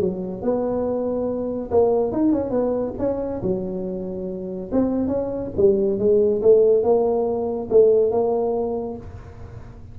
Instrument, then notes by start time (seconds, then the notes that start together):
tuba
0.00 F#3
0.42 B3
1.71 A#3
2.12 D#4
2.32 C#4
2.50 B3
2.99 C#4
3.42 F#3
4.72 C4
5.07 C#4
5.57 G3
5.99 G#3
6.42 A3
6.83 A#3
7.70 A3
8.11 A#3